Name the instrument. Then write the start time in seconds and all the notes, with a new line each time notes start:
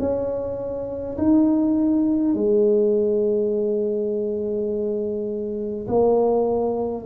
tuba
0.00 C#4
1.18 D#4
2.34 G#3
5.88 A#3